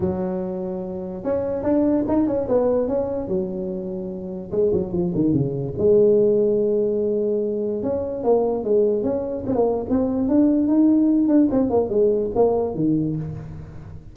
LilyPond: \new Staff \with { instrumentName = "tuba" } { \time 4/4 \tempo 4 = 146 fis2. cis'4 | d'4 dis'8 cis'8 b4 cis'4 | fis2. gis8 fis8 | f8 dis8 cis4 gis2~ |
gis2. cis'4 | ais4 gis4 cis'4 c'16 ais8. | c'4 d'4 dis'4. d'8 | c'8 ais8 gis4 ais4 dis4 | }